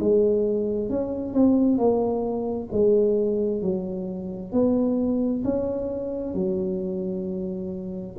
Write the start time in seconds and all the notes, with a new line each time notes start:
0.00 G#3
0.90 C#4
1.34 C4
1.78 A#3
2.72 G#3
3.62 F#3
4.53 B3
5.45 C#4
6.35 F#3